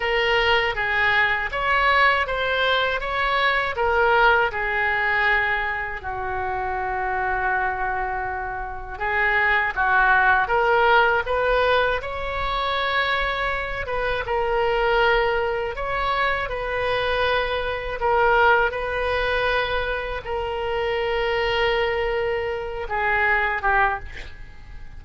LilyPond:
\new Staff \with { instrumentName = "oboe" } { \time 4/4 \tempo 4 = 80 ais'4 gis'4 cis''4 c''4 | cis''4 ais'4 gis'2 | fis'1 | gis'4 fis'4 ais'4 b'4 |
cis''2~ cis''8 b'8 ais'4~ | ais'4 cis''4 b'2 | ais'4 b'2 ais'4~ | ais'2~ ais'8 gis'4 g'8 | }